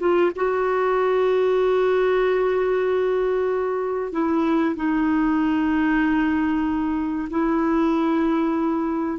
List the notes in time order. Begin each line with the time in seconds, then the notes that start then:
0.00 F4
0.36 F#4
4.12 E4
4.76 D#4
7.30 E4